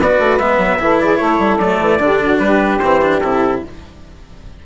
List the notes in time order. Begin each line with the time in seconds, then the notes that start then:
0.00 B3 F#4 B4 D5
0.19 A3
0.38 G#3 B3 E5
0.58 F#3
0.79 E3 E4 A4
1.00 G#4 D5
1.17 A3 A4 C#5
1.39 G3
1.59 F#3 A3 D5
1.80 E3
1.99 D3 D4 G4
2.22 F#4
2.39 G3 G4 B4
2.79 E3 C4 C5
3.02 D4
3.21 C3 E4 A4